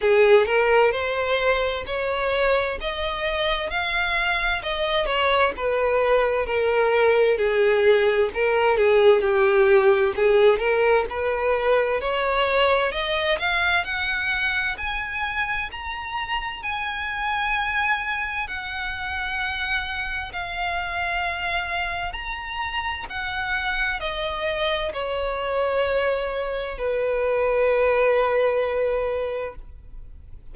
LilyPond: \new Staff \with { instrumentName = "violin" } { \time 4/4 \tempo 4 = 65 gis'8 ais'8 c''4 cis''4 dis''4 | f''4 dis''8 cis''8 b'4 ais'4 | gis'4 ais'8 gis'8 g'4 gis'8 ais'8 | b'4 cis''4 dis''8 f''8 fis''4 |
gis''4 ais''4 gis''2 | fis''2 f''2 | ais''4 fis''4 dis''4 cis''4~ | cis''4 b'2. | }